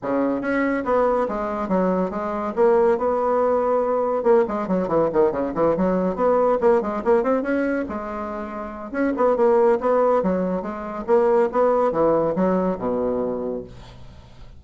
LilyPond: \new Staff \with { instrumentName = "bassoon" } { \time 4/4 \tempo 4 = 141 cis4 cis'4 b4 gis4 | fis4 gis4 ais4 b4~ | b2 ais8 gis8 fis8 e8 | dis8 cis8 e8 fis4 b4 ais8 |
gis8 ais8 c'8 cis'4 gis4.~ | gis4 cis'8 b8 ais4 b4 | fis4 gis4 ais4 b4 | e4 fis4 b,2 | }